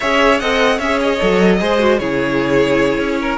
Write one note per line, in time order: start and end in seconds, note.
0.00 0.41 C#4
0.00 0.41 G#4
0.00 0.40 C#5
0.00 0.39 E5
0.39 0.79 C4
0.39 0.81 A4
0.39 0.77 D#5
0.39 0.79 F#5
0.77 1.19 C#4
0.77 1.57 C#5
0.77 0.99 E5
0.83 1.20 G#4
1.01 1.97 D#5
1.20 1.61 F#3
1.20 1.59 A4
1.59 1.99 G#3
1.59 1.78 G#4
1.59 1.99 C5
1.78 1.98 F#4
1.97 2.98 C#3
1.97 3.38 E4
1.97 3.19 G#4
1.97 3.37 C#5
2.98 3.38 C#4
3.20 3.38 A#4